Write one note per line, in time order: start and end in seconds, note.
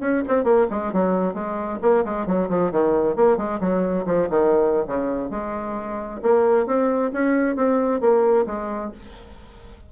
0.00 0.23 C#4
0.28 0.44 C4
0.44 0.67 A#3
0.70 0.93 G#3
0.93 1.34 F#3
1.34 1.79 G#3
1.82 2.04 A#3
2.05 2.26 G#3
2.26 2.49 F#3
2.49 2.72 F3
2.72 3.16 D#3
3.16 3.37 A#3
3.37 3.60 G#3
3.60 4.05 F#3
4.06 4.29 F3
4.30 4.86 D#3
4.87 5.30 C#3
5.30 6.21 G#3
6.23 6.66 A#3
6.66 7.12 C4
7.13 7.56 C#4
7.56 8.01 C4
8.01 8.46 A#3
8.46 8.92 G#3